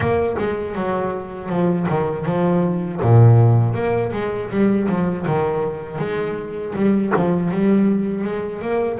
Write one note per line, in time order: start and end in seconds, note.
0.00 0.36 A#3
0.38 0.75 G#3
0.75 1.49 F#3
1.49 1.86 F3
1.89 2.25 D#3
2.25 3.00 F3
3.01 3.74 A#2
3.74 4.11 A#3
4.12 4.50 G#3
4.50 4.88 G3
4.88 5.26 F3
5.26 5.99 D#3
5.99 6.74 G#3
6.75 7.12 G3
7.16 7.51 F3
7.51 8.24 G3
8.24 8.61 G#3
8.61 8.99 A#3